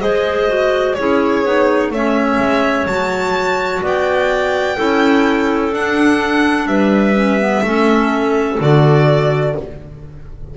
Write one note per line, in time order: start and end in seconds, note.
0.00 0.96 G#3
0.00 0.47 G#4
0.00 0.95 C5
0.00 0.93 D#5
0.47 0.95 F#4
0.93 1.44 C#4
0.93 1.44 E4
0.93 1.92 G#4
0.93 1.89 C#5
1.44 1.89 B3
1.44 1.92 D#4
1.89 2.37 A3
1.89 2.89 C#4
1.89 3.82 C#5
1.89 2.86 E5
2.38 2.85 G#3
2.86 3.81 F#3
2.86 4.76 F#4
2.86 3.82 A5
3.82 4.77 B3
3.82 4.76 D5
3.82 5.73 G5
4.76 5.71 C#4
4.76 5.71 E4
4.76 6.66 A4
5.71 6.66 D4
5.71 7.15 D4
5.71 6.67 F#5
6.66 7.61 G3
6.66 7.63 B4
6.66 8.57 E5
7.15 7.38 C#4
7.39 7.63 B3
7.63 8.58 A3
7.63 8.59 C#4
7.63 9.56 A4
8.59 9.55 D3
8.59 9.54 F#4
8.59 9.57 D5